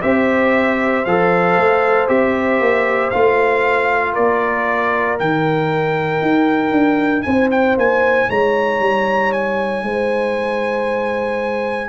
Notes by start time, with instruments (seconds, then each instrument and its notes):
0.00 tuba C4, trombone G4, horn C5, trumpet E5
1.05 tuba F3, trombone A4, trumpet F5
1.57 tuba A3
2.07 tuba C4, trombone G4, trumpet E5
2.60 tuba A#3
3.10 tuba A3, trombone F4, trumpet F5
4.13 tuba A#3, horn A#4, trumpet D5
5.19 tuba D#3, trombone D#4, trumpet G5
6.21 tuba D#4
6.72 tuba D4
7.22 tuba C4, horn C5, trumpet G#5
7.51 trumpet G5
7.77 tuba A#3, trumpet G#5
8.29 tuba G#3, horn C#5, trumpet A#5
8.79 tuba G3
9.32 trumpet G#5
9.83 tuba G#3, horn C5